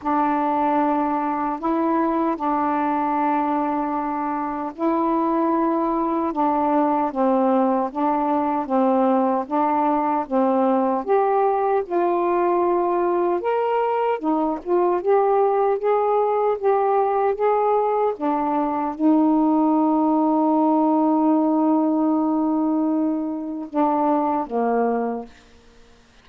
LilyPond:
\new Staff \with { instrumentName = "saxophone" } { \time 4/4 \tempo 4 = 76 d'2 e'4 d'4~ | d'2 e'2 | d'4 c'4 d'4 c'4 | d'4 c'4 g'4 f'4~ |
f'4 ais'4 dis'8 f'8 g'4 | gis'4 g'4 gis'4 d'4 | dis'1~ | dis'2 d'4 ais4 | }